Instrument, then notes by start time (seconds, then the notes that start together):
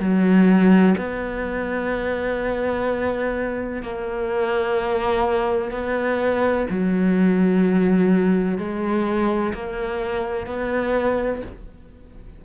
cello
0.00 F#3
0.98 B3
3.82 A#3
5.71 B3
6.70 F#3
8.58 G#3
9.54 A#3
10.46 B3